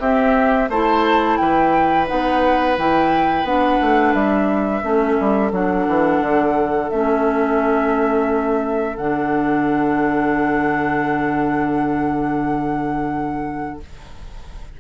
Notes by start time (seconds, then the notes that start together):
0.00 C4 G4 E5
0.69 A3 E4 C5 A5
1.37 E3 B4 G5
2.07 B3 D#4 F#5
2.78 E3 E4 G5
3.44 B3 D4 F#5
3.82 A3
4.13 G3 E5
4.82 A3 C#4 A4
5.20 G3
5.52 F#3 D4 F#5
5.88 E3
6.21 D3
6.90 A3 C#4 E5
8.97 D3 D4 F#5